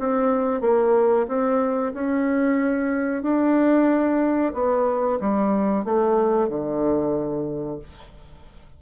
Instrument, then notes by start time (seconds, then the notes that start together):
bassoon
0.00 C4
0.62 A#3
1.28 C4
1.94 C#4
3.23 D4
4.54 B3
5.21 G3
5.85 A3
6.49 D3